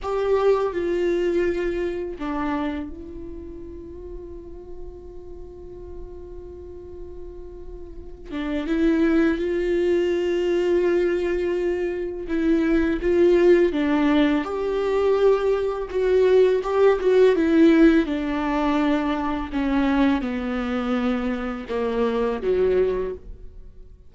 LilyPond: \new Staff \with { instrumentName = "viola" } { \time 4/4 \tempo 4 = 83 g'4 f'2 d'4 | f'1~ | f'2.~ f'8 d'8 | e'4 f'2.~ |
f'4 e'4 f'4 d'4 | g'2 fis'4 g'8 fis'8 | e'4 d'2 cis'4 | b2 ais4 fis4 | }